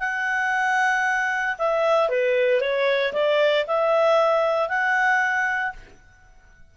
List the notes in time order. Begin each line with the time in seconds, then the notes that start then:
0.00 F#5
1.59 E5
2.10 B4
2.61 C#5
3.14 D5
3.68 E5
4.69 F#5